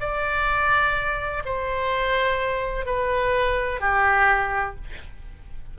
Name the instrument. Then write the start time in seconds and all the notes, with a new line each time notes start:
oboe
0.00 D5
1.45 C5
2.86 B4
3.80 G4